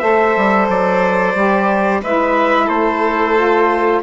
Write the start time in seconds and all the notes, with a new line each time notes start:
0.00 A3 A4 C5 E5
0.37 G3
0.69 F#3 D5
1.36 G3 G4
2.03 G#3 E4 B4 E5
2.67 A3 A4 C5
3.37 F4